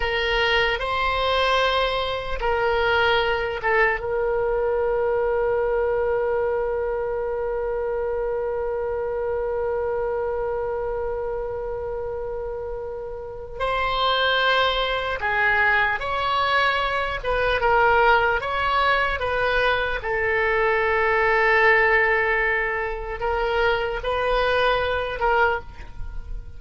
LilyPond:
\new Staff \with { instrumentName = "oboe" } { \time 4/4 \tempo 4 = 75 ais'4 c''2 ais'4~ | ais'8 a'8 ais'2.~ | ais'1~ | ais'1~ |
ais'4 c''2 gis'4 | cis''4. b'8 ais'4 cis''4 | b'4 a'2.~ | a'4 ais'4 b'4. ais'8 | }